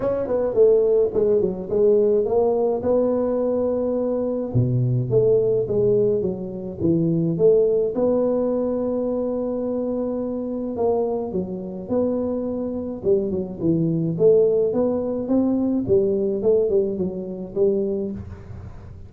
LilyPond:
\new Staff \with { instrumentName = "tuba" } { \time 4/4 \tempo 4 = 106 cis'8 b8 a4 gis8 fis8 gis4 | ais4 b2. | b,4 a4 gis4 fis4 | e4 a4 b2~ |
b2. ais4 | fis4 b2 g8 fis8 | e4 a4 b4 c'4 | g4 a8 g8 fis4 g4 | }